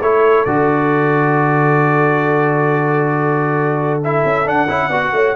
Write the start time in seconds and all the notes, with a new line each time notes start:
0.00 A3 E4 A4 C#5
0.44 D3 F#4 D5
4.04 E4 E5
4.24 C#4
4.45 D4 F#5
4.68 C#4 E4
4.87 B3 F#4 D5
5.11 A3 C#5